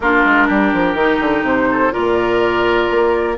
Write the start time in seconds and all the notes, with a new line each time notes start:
0.00 A#3 D4 F4 A#4
0.25 G#3
0.47 G3 G4
0.73 F3
0.94 D#3 D#4
1.20 D3
1.42 C3 C5
1.71 A4
1.91 A#2 F4 A#4 D5
2.90 A#3